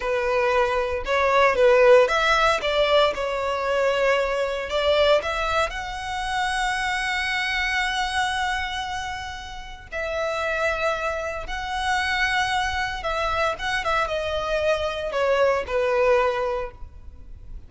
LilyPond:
\new Staff \with { instrumentName = "violin" } { \time 4/4 \tempo 4 = 115 b'2 cis''4 b'4 | e''4 d''4 cis''2~ | cis''4 d''4 e''4 fis''4~ | fis''1~ |
fis''2. e''4~ | e''2 fis''2~ | fis''4 e''4 fis''8 e''8 dis''4~ | dis''4 cis''4 b'2 | }